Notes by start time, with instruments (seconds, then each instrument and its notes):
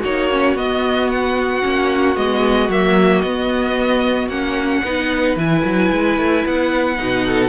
0.00 cello A#3, viola D#4, violin F#4 C#5
0.31 viola C#4
0.55 cello B3, viola B3, violin D#5
1.09 violin F#5
1.62 cello A#3, viola C#4
2.15 cello G#3, viola B3, violin D#5
2.69 cello F#3, viola A#3, violin E5
3.21 cello B3, viola B3, violin D#5
4.28 cello A#3, viola C#4, violin F#5
4.83 cello B3, viola D#4, violin B4
5.36 cello E3, viola E4, violin G#5
5.64 cello F#3
5.91 cello G#3
6.17 cello A3
6.45 cello B3, violin F#5
6.97 cello B2, viola D#4
7.25 violin A4